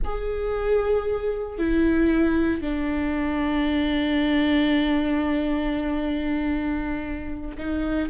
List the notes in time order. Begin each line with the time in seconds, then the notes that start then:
0.04 G#4
1.58 E4
2.61 D4
7.57 D#4